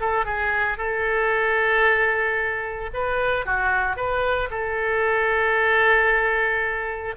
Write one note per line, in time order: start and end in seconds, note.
0.00 0.25 A4
0.25 0.77 G#4
0.77 2.90 A4
2.93 3.45 B4
3.45 3.96 F#4
3.96 4.49 B4
4.50 7.16 A4